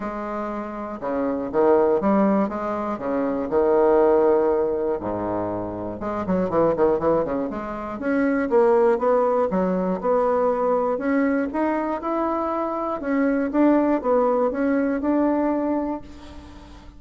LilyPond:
\new Staff \with { instrumentName = "bassoon" } { \time 4/4 \tempo 4 = 120 gis2 cis4 dis4 | g4 gis4 cis4 dis4~ | dis2 gis,2 | gis8 fis8 e8 dis8 e8 cis8 gis4 |
cis'4 ais4 b4 fis4 | b2 cis'4 dis'4 | e'2 cis'4 d'4 | b4 cis'4 d'2 | }